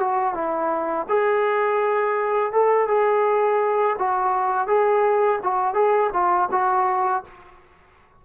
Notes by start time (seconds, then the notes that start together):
0.00 F#4
0.34 E4
1.09 G#4
2.53 A4
2.88 G#4
3.99 F#4
4.68 G#4
5.43 F#4
5.74 G#4
6.13 F4
6.52 F#4